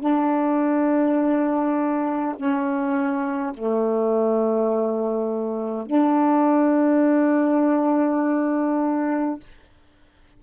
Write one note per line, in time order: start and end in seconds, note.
0.00 2.35 D4
2.36 3.53 C#4
3.54 5.87 A3
5.87 9.40 D4